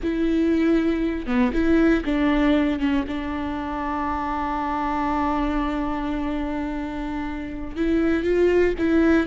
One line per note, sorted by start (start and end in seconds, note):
0.02 1.26 E4
1.26 1.51 B3
1.53 2.04 E4
2.04 2.79 D4
2.79 3.05 C#4
3.07 7.75 D4
7.75 8.23 E4
8.23 8.74 F4
8.78 9.27 E4